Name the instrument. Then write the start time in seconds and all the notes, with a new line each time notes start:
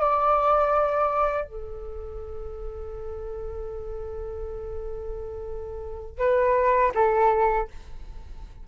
flute
0.00 D5
1.45 A4
6.19 B4
6.94 A4